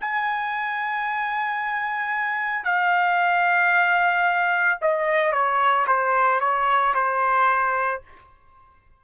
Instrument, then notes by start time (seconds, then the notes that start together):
trumpet
0.00 G#5
2.64 F5
4.81 D#5
5.32 C#5
5.87 C5
6.40 C#5
6.94 C5